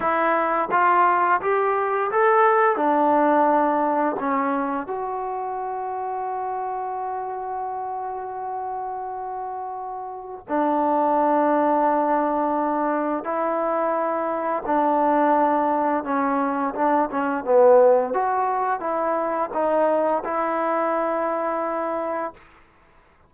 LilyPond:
\new Staff \with { instrumentName = "trombone" } { \time 4/4 \tempo 4 = 86 e'4 f'4 g'4 a'4 | d'2 cis'4 fis'4~ | fis'1~ | fis'2. d'4~ |
d'2. e'4~ | e'4 d'2 cis'4 | d'8 cis'8 b4 fis'4 e'4 | dis'4 e'2. | }